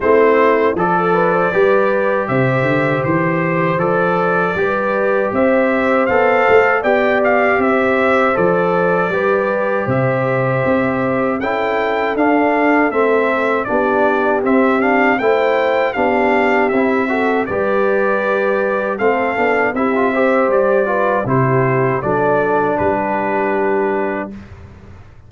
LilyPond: <<
  \new Staff \with { instrumentName = "trumpet" } { \time 4/4 \tempo 4 = 79 c''4 d''2 e''4 | c''4 d''2 e''4 | f''4 g''8 f''8 e''4 d''4~ | d''4 e''2 g''4 |
f''4 e''4 d''4 e''8 f''8 | g''4 f''4 e''4 d''4~ | d''4 f''4 e''4 d''4 | c''4 d''4 b'2 | }
  \new Staff \with { instrumentName = "horn" } { \time 4/4 e'4 a'8 b'16 c''16 b'4 c''4~ | c''2 b'4 c''4~ | c''4 d''4 c''2 | b'4 c''2 a'4~ |
a'2 g'2 | c''4 g'4. a'8 b'4~ | b'4 a'4 g'8 c''4 b'8 | g'4 a'4 g'2 | }
  \new Staff \with { instrumentName = "trombone" } { \time 4/4 c'4 a'4 g'2~ | g'4 a'4 g'2 | a'4 g'2 a'4 | g'2. e'4 |
d'4 c'4 d'4 c'8 d'8 | e'4 d'4 e'8 fis'8 g'4~ | g'4 c'8 d'8 e'16 f'16 g'4 f'8 | e'4 d'2. | }
  \new Staff \with { instrumentName = "tuba" } { \time 4/4 a4 f4 g4 c8 d8 | e4 f4 g4 c'4 | b8 a8 b4 c'4 f4 | g4 c4 c'4 cis'4 |
d'4 a4 b4 c'4 | a4 b4 c'4 g4~ | g4 a8 b8 c'4 g4 | c4 fis4 g2 | }
>>